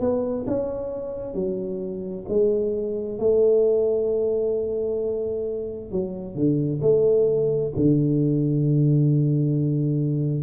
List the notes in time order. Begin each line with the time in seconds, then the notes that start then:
0.00 B3
0.47 C#4
1.34 F#3
2.29 G#3
3.18 A3
5.91 F#3
6.35 D3
6.81 A3
7.76 D3